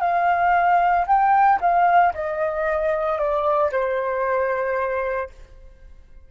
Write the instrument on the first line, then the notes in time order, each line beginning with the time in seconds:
flute
0.00 F5
1.07 G5
1.60 F5
2.14 D#5
3.18 D5
3.72 C5